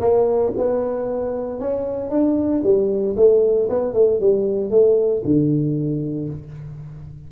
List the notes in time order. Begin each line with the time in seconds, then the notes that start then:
0.00 A#3
0.57 B3
1.60 C#4
2.10 D4
2.63 G3
3.17 A3
3.70 B3
3.94 A3
4.20 G3
4.70 A3
5.25 D3